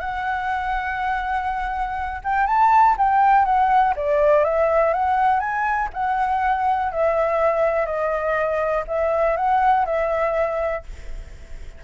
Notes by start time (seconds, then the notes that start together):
0.00 F#5
2.24 G5
2.47 A5
2.98 G5
3.45 F#5
3.97 D5
4.44 E5
4.93 F#5
5.40 G#5
5.94 F#5
6.92 E5
7.86 D#5
8.87 E5
9.37 F#5
9.85 E5